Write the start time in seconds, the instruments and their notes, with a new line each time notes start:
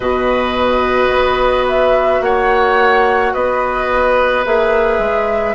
0.00 bassoon B2, clarinet F#4, oboe B4, flute D#5
1.09 bassoon B3
1.68 flute E5
2.20 bassoon A#3, oboe C#5, flute F#5
3.33 bassoon B3, oboe B4, flute D#5
4.45 bassoon A#3, clarinet G#4, flute E5
4.98 bassoon G#3